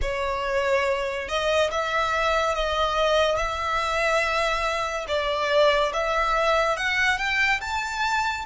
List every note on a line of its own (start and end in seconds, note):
0.01 1.28 C#5
1.28 1.70 D#5
1.70 2.54 E5
2.54 3.36 D#5
3.36 5.05 E5
5.07 5.92 D5
5.93 6.76 E5
6.76 7.18 F#5
7.18 7.60 G5
7.60 8.45 A5